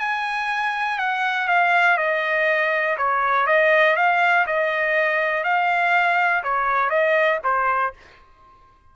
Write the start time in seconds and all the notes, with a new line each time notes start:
0.00 G#5
0.99 F#5
1.49 F5
1.98 D#5
2.98 C#5
3.47 D#5
3.97 F5
4.47 D#5
5.45 F5
6.44 C#5
6.90 D#5
7.44 C5